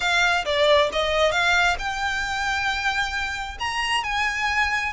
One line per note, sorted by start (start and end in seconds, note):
0.00 0.45 F5
0.45 0.90 D5
0.92 1.31 D#5
1.31 1.76 F5
1.78 3.58 G5
3.59 4.03 A#5
4.03 4.93 G#5